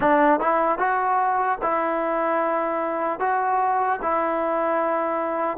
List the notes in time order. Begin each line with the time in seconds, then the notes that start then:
0.00 D4
0.40 E4
0.78 F#4
1.62 E4
3.19 F#4
4.01 E4